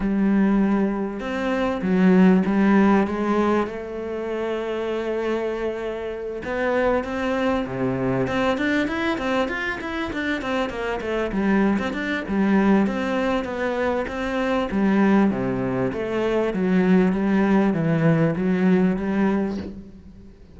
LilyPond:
\new Staff \with { instrumentName = "cello" } { \time 4/4 \tempo 4 = 98 g2 c'4 fis4 | g4 gis4 a2~ | a2~ a8 b4 c'8~ | c'8 c4 c'8 d'8 e'8 c'8 f'8 |
e'8 d'8 c'8 ais8 a8 g8. c'16 d'8 | g4 c'4 b4 c'4 | g4 c4 a4 fis4 | g4 e4 fis4 g4 | }